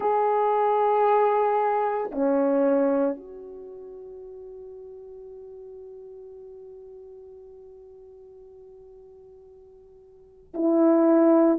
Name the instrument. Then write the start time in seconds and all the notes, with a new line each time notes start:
horn
0.00 G#4
2.11 C#4
3.16 F#4
10.54 E4